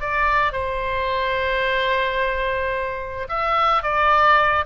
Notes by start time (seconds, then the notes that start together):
0.00 D5
0.52 C5
3.28 E5
3.83 D5